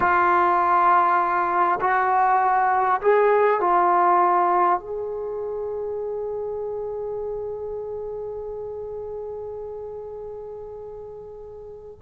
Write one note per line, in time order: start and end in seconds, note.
0.00 1.79 F4
1.81 3.01 F#4
3.01 3.60 G#4
3.60 4.79 F4
4.79 11.99 G#4